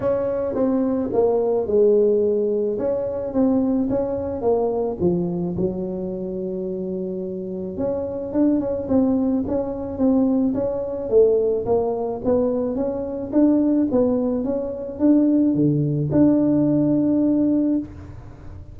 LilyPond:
\new Staff \with { instrumentName = "tuba" } { \time 4/4 \tempo 4 = 108 cis'4 c'4 ais4 gis4~ | gis4 cis'4 c'4 cis'4 | ais4 f4 fis2~ | fis2 cis'4 d'8 cis'8 |
c'4 cis'4 c'4 cis'4 | a4 ais4 b4 cis'4 | d'4 b4 cis'4 d'4 | d4 d'2. | }